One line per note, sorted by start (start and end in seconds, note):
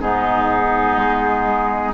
0.00 0.97 G#2
0.00 1.95 B3
0.00 1.95 D#4
0.00 1.94 G#4
0.97 1.94 G#3